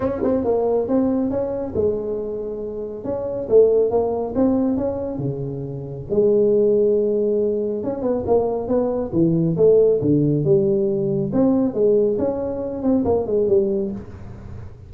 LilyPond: \new Staff \with { instrumentName = "tuba" } { \time 4/4 \tempo 4 = 138 cis'8 c'8 ais4 c'4 cis'4 | gis2. cis'4 | a4 ais4 c'4 cis'4 | cis2 gis2~ |
gis2 cis'8 b8 ais4 | b4 e4 a4 d4 | g2 c'4 gis4 | cis'4. c'8 ais8 gis8 g4 | }